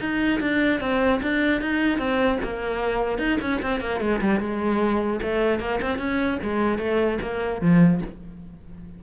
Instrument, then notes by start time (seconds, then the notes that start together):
cello
0.00 D#4
0.40 D4
0.80 C4
1.22 D4
1.61 D#4
1.99 C4
2.43 A#3
3.18 D#4
3.41 C#4
3.62 C4
3.80 A#3
4.01 G#3
4.21 G3
4.40 G#3
5.22 A3
5.59 A#3
5.81 C4
5.98 C#4
6.43 G#3
6.78 A3
7.22 A#3
7.61 F3